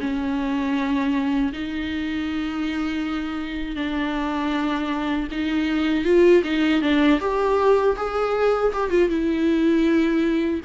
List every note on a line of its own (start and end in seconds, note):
0.00 1.52 C#4
1.52 3.76 D#4
3.76 5.28 D4
5.31 6.04 D#4
6.04 6.42 F4
6.43 6.81 D#4
6.81 7.19 D4
7.20 7.96 G4
7.96 8.72 G#4
8.73 8.90 G4
8.90 9.09 F4
9.09 10.61 E4